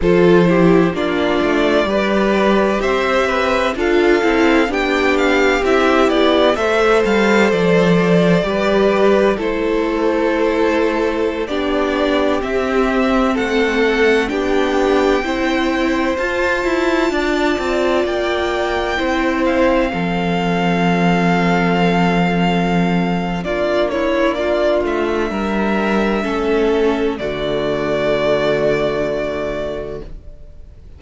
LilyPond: <<
  \new Staff \with { instrumentName = "violin" } { \time 4/4 \tempo 4 = 64 c''4 d''2 e''4 | f''4 g''8 f''8 e''8 d''8 e''8 f''8 | d''2 c''2~ | c''16 d''4 e''4 fis''4 g''8.~ |
g''4~ g''16 a''2 g''8.~ | g''8. f''2.~ f''16~ | f''4 d''8 cis''8 d''8 e''4.~ | e''4 d''2. | }
  \new Staff \with { instrumentName = "violin" } { \time 4/4 a'8 g'8 f'4 b'4 c''8 b'8 | a'4 g'2 c''4~ | c''4 b'4 a'2~ | a'16 g'2 a'4 g'8.~ |
g'16 c''2 d''4.~ d''16~ | d''16 c''4 a'2~ a'8.~ | a'4 f'8 e'8 f'4 ais'4 | a'4 fis'2. | }
  \new Staff \with { instrumentName = "viola" } { \time 4/4 f'8 e'8 d'4 g'2 | f'8 e'8 d'4 e'4 a'4~ | a'4 g'4 e'2~ | e'16 d'4 c'2 d'8.~ |
d'16 e'4 f'2~ f'8.~ | f'16 e'4 c'2~ c'8.~ | c'4 d'2. | cis'4 a2. | }
  \new Staff \with { instrumentName = "cello" } { \time 4/4 f4 ais8 a8 g4 c'4 | d'8 c'8 b4 c'8 b8 a8 g8 | f4 g4 a2~ | a16 b4 c'4 a4 b8.~ |
b16 c'4 f'8 e'8 d'8 c'8 ais8.~ | ais16 c'4 f2~ f8.~ | f4 ais4. a8 g4 | a4 d2. | }
>>